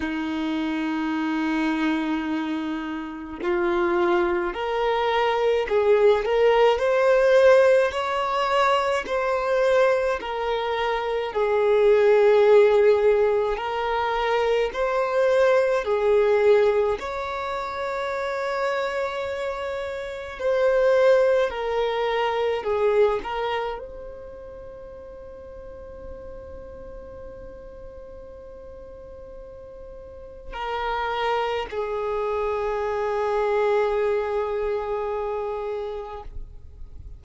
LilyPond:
\new Staff \with { instrumentName = "violin" } { \time 4/4 \tempo 4 = 53 dis'2. f'4 | ais'4 gis'8 ais'8 c''4 cis''4 | c''4 ais'4 gis'2 | ais'4 c''4 gis'4 cis''4~ |
cis''2 c''4 ais'4 | gis'8 ais'8 c''2.~ | c''2. ais'4 | gis'1 | }